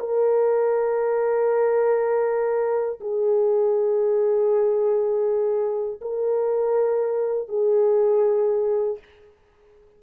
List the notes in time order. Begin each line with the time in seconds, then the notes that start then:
0.00 A#4
3.01 G#4
6.01 A#4
7.49 G#4